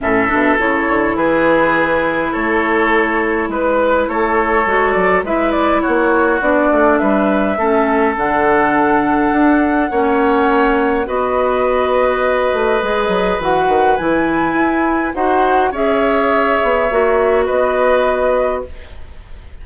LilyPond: <<
  \new Staff \with { instrumentName = "flute" } { \time 4/4 \tempo 4 = 103 e''4 cis''4 b'2 | cis''2 b'4 cis''4~ | cis''8 d''8 e''8 d''8 cis''4 d''4 | e''2 fis''2~ |
fis''2. dis''4~ | dis''2. fis''4 | gis''2 fis''4 e''4~ | e''2 dis''2 | }
  \new Staff \with { instrumentName = "oboe" } { \time 4/4 a'2 gis'2 | a'2 b'4 a'4~ | a'4 b'4 fis'2 | b'4 a'2.~ |
a'4 cis''2 b'4~ | b'1~ | b'2 c''4 cis''4~ | cis''2 b'2 | }
  \new Staff \with { instrumentName = "clarinet" } { \time 4/4 cis'8 d'8 e'2.~ | e'1 | fis'4 e'2 d'4~ | d'4 cis'4 d'2~ |
d'4 cis'2 fis'4~ | fis'2 gis'4 fis'4 | e'2 fis'4 gis'4~ | gis'4 fis'2. | }
  \new Staff \with { instrumentName = "bassoon" } { \time 4/4 a,8 b,8 cis8 d8 e2 | a2 gis4 a4 | gis8 fis8 gis4 ais4 b8 a8 | g4 a4 d2 |
d'4 ais2 b4~ | b4. a8 gis8 fis8 e8 dis8 | e4 e'4 dis'4 cis'4~ | cis'8 b8 ais4 b2 | }
>>